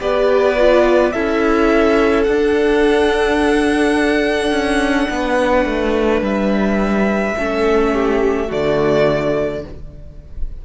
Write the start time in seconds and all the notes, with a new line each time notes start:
0.00 B3 G4 B4 D5
0.57 F4
1.12 C#4 E4 A4 E5
2.23 D4 F#5
4.51 C#4
5.10 B3 B4
5.66 A3
6.21 G3 E5
7.37 A3 C#4 A4
7.93 G4
8.47 D3 A3 F#4 D5